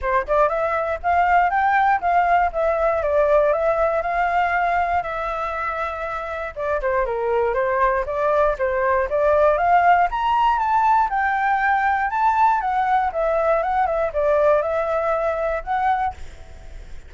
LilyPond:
\new Staff \with { instrumentName = "flute" } { \time 4/4 \tempo 4 = 119 c''8 d''8 e''4 f''4 g''4 | f''4 e''4 d''4 e''4 | f''2 e''2~ | e''4 d''8 c''8 ais'4 c''4 |
d''4 c''4 d''4 f''4 | ais''4 a''4 g''2 | a''4 fis''4 e''4 fis''8 e''8 | d''4 e''2 fis''4 | }